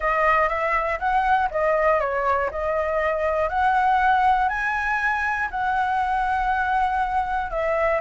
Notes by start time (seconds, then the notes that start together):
0.00 D#5
0.48 E5
0.99 F#5
1.50 D#5
2.00 C#5
2.50 D#5
3.49 F#5
4.48 G#5
5.50 F#5
7.50 E5